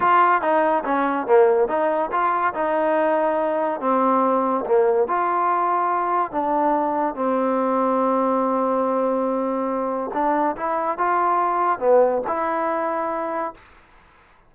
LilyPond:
\new Staff \with { instrumentName = "trombone" } { \time 4/4 \tempo 4 = 142 f'4 dis'4 cis'4 ais4 | dis'4 f'4 dis'2~ | dis'4 c'2 ais4 | f'2. d'4~ |
d'4 c'2.~ | c'1 | d'4 e'4 f'2 | b4 e'2. | }